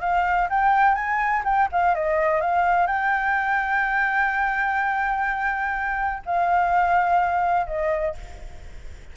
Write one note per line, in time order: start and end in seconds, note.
0.00 0.48 F5
0.49 0.94 G5
0.94 1.42 G#5
1.44 1.68 G5
1.71 1.94 F5
1.94 2.40 D#5
2.40 2.86 F5
2.86 6.22 G5
6.25 7.67 F5
7.67 8.15 D#5